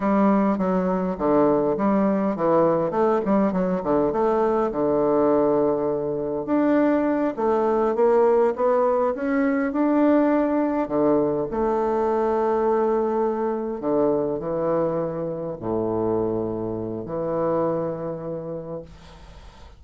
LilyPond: \new Staff \with { instrumentName = "bassoon" } { \time 4/4 \tempo 4 = 102 g4 fis4 d4 g4 | e4 a8 g8 fis8 d8 a4 | d2. d'4~ | d'8 a4 ais4 b4 cis'8~ |
cis'8 d'2 d4 a8~ | a2.~ a8 d8~ | d8 e2 a,4.~ | a,4 e2. | }